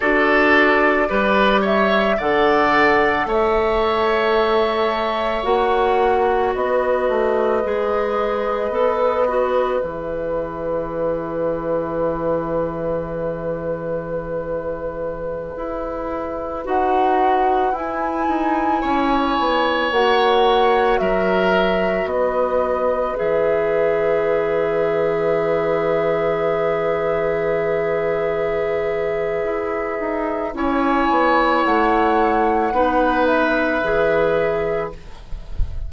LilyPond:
<<
  \new Staff \with { instrumentName = "flute" } { \time 4/4 \tempo 4 = 55 d''4. e''8 fis''4 e''4~ | e''4 fis''4 dis''2~ | dis''4 e''2.~ | e''2.~ e''16 fis''8.~ |
fis''16 gis''2 fis''4 e''8.~ | e''16 dis''4 e''2~ e''8.~ | e''1 | gis''4 fis''4. e''4. | }
  \new Staff \with { instrumentName = "oboe" } { \time 4/4 a'4 b'8 cis''8 d''4 cis''4~ | cis''2 b'2~ | b'1~ | b'1~ |
b'4~ b'16 cis''2 ais'8.~ | ais'16 b'2.~ b'8.~ | b'1 | cis''2 b'2 | }
  \new Staff \with { instrumentName = "clarinet" } { \time 4/4 fis'4 g'4 a'2~ | a'4 fis'2 gis'4 | a'8 fis'8 gis'2.~ | gis'2.~ gis'16 fis'8.~ |
fis'16 e'2 fis'4.~ fis'16~ | fis'4~ fis'16 gis'2~ gis'8.~ | gis'1 | e'2 dis'4 gis'4 | }
  \new Staff \with { instrumentName = "bassoon" } { \time 4/4 d'4 g4 d4 a4~ | a4 ais4 b8 a8 gis4 | b4 e2.~ | e2~ e16 e'4 dis'8.~ |
dis'16 e'8 dis'8 cis'8 b8 ais4 fis8.~ | fis16 b4 e2~ e8.~ | e2. e'8 dis'8 | cis'8 b8 a4 b4 e4 | }
>>